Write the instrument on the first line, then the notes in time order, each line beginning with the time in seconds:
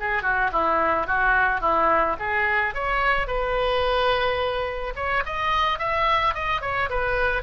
oboe
0.00 G#4
0.22 F#4
0.53 E4
1.07 F#4
1.61 E4
2.19 G#4
2.74 C#5
3.27 B4
4.95 C#5
5.26 D#5
5.79 E5
6.35 D#5
6.61 C#5
6.90 B4